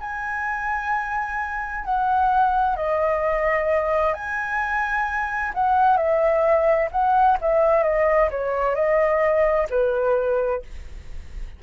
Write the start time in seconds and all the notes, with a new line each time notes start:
0.00 G#5
1.84 F#5
2.76 D#5
4.14 G#5
5.54 F#5
5.97 E5
6.91 F#5
7.41 E5
7.83 D#5
8.30 C#5
8.75 D#5
9.70 B4